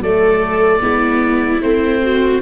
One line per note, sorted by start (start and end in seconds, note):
0.00 0.80 F#3
0.00 0.80 A3
0.00 0.81 A4
0.00 1.62 D5
0.80 1.62 G#3
0.80 1.60 B3
0.80 2.01 E4
1.62 2.41 A3
1.62 2.41 C4
1.62 2.41 C5
2.02 2.41 F#4